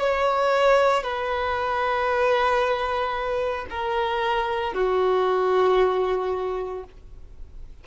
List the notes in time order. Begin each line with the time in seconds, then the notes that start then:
0.00 C#5
1.03 B4
3.70 A#4
4.74 F#4